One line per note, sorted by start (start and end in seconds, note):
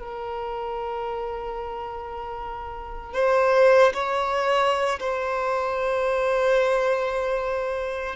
0.00 3.14 A#4
3.14 3.93 C5
3.94 5.00 C#5
5.00 8.16 C5